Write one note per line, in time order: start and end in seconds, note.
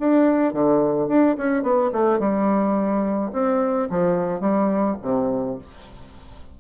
0.00 0.54 D4
0.54 1.08 D3
1.08 1.36 D4
1.38 1.63 C#4
1.63 1.91 B3
1.93 2.19 A3
2.19 3.32 G3
3.33 3.89 C4
3.90 4.41 F3
4.41 4.97 G3
5.02 5.58 C3